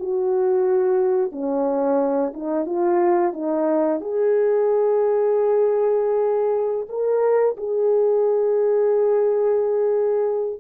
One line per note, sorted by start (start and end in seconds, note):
0.00 1.32 F#4
1.32 2.34 C#4
2.34 2.66 D#4
2.66 3.33 F4
3.33 4.01 D#4
4.01 6.87 G#4
6.89 7.57 A#4
7.57 10.61 G#4